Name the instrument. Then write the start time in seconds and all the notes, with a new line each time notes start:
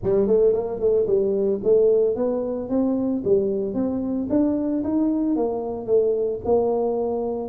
tuba
0.03 G3
0.27 A3
0.52 A#3
0.79 A3
1.06 G3
1.63 A3
2.15 B3
2.69 C4
3.24 G3
3.74 C4
4.29 D4
4.83 D#4
5.36 A#3
5.86 A3
6.44 A#3